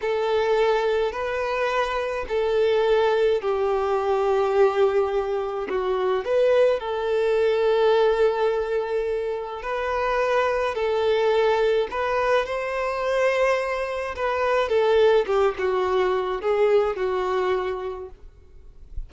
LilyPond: \new Staff \with { instrumentName = "violin" } { \time 4/4 \tempo 4 = 106 a'2 b'2 | a'2 g'2~ | g'2 fis'4 b'4 | a'1~ |
a'4 b'2 a'4~ | a'4 b'4 c''2~ | c''4 b'4 a'4 g'8 fis'8~ | fis'4 gis'4 fis'2 | }